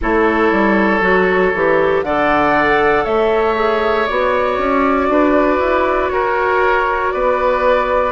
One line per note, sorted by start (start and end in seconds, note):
0.01 0.51 A3
0.01 1.01 E4
0.01 2.05 A4
0.01 2.03 C#5
0.51 1.00 G3
1.00 1.51 F#3
1.00 1.52 F#4
1.54 2.03 E3
1.54 2.05 G4
2.03 3.04 D3
2.03 3.55 A4
2.03 3.04 D5
2.03 3.04 F#5
3.04 4.07 A3
3.04 5.07 C#5
3.04 4.06 E5
3.55 4.06 G#4
4.06 4.57 B3
4.06 8.12 F#4
4.06 6.10 D5
4.57 5.08 C#4
5.08 5.59 D4
5.08 6.12 B4
5.59 6.10 E4
6.10 7.12 F#4
6.10 7.13 A#4
6.10 7.11 C#5
7.11 8.12 B3
7.11 8.12 B4
7.11 8.12 D5